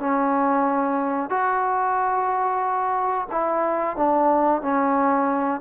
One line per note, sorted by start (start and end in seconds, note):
0.00 1.30 C#4
1.30 3.28 F#4
3.32 3.97 E4
3.97 4.62 D4
4.62 5.61 C#4